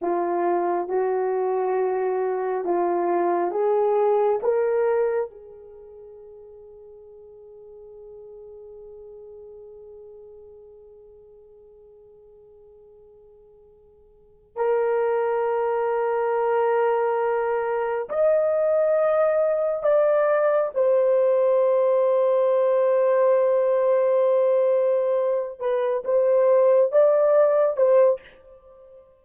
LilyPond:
\new Staff \with { instrumentName = "horn" } { \time 4/4 \tempo 4 = 68 f'4 fis'2 f'4 | gis'4 ais'4 gis'2~ | gis'1~ | gis'1~ |
gis'8 ais'2.~ ais'8~ | ais'8 dis''2 d''4 c''8~ | c''1~ | c''4 b'8 c''4 d''4 c''8 | }